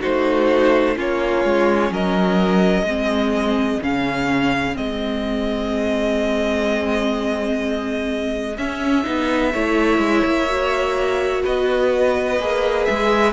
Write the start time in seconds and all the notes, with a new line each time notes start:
0.00 A3 D#4 F#4 C5
0.95 A#3 C#4 F4 C#5
1.44 G#3
1.90 F#3 A#4 D#5
2.83 G#3 C4 G#4
3.82 C#3 C#4 F5
4.74 G#3 C4 D#5
8.57 C#4 E5
9.04 B3 D#4
9.52 A3 E4 C#5
9.98 G#3
10.24 A#3
10.48 F#4
11.43 B3 B4 D#5
12.39 A#3 G#4
12.85 G#3 E5